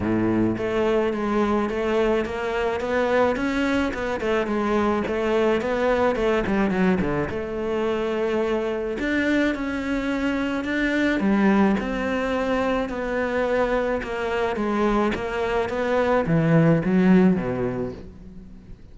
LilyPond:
\new Staff \with { instrumentName = "cello" } { \time 4/4 \tempo 4 = 107 a,4 a4 gis4 a4 | ais4 b4 cis'4 b8 a8 | gis4 a4 b4 a8 g8 | fis8 d8 a2. |
d'4 cis'2 d'4 | g4 c'2 b4~ | b4 ais4 gis4 ais4 | b4 e4 fis4 b,4 | }